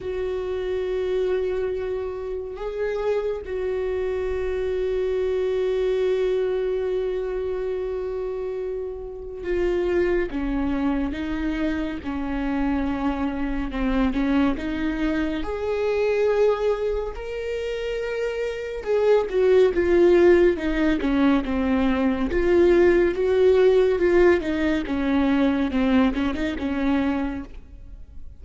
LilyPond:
\new Staff \with { instrumentName = "viola" } { \time 4/4 \tempo 4 = 70 fis'2. gis'4 | fis'1~ | fis'2. f'4 | cis'4 dis'4 cis'2 |
c'8 cis'8 dis'4 gis'2 | ais'2 gis'8 fis'8 f'4 | dis'8 cis'8 c'4 f'4 fis'4 | f'8 dis'8 cis'4 c'8 cis'16 dis'16 cis'4 | }